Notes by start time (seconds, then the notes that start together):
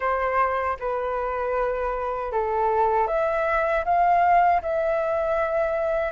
0.00 C5
0.79 B4
2.31 A4
3.07 E5
3.84 F5
4.62 E5